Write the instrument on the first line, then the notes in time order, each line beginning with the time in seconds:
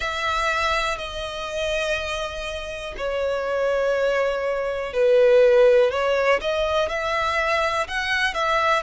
violin
0.00 E5
0.97 D#5
2.97 C#5
4.93 B4
5.91 C#5
6.41 D#5
6.89 E5
7.87 F#5
8.33 E5